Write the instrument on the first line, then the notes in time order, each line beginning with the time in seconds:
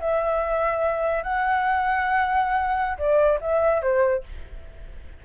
flute
0.00 E5
1.23 F#5
2.98 D5
3.41 E5
3.82 C5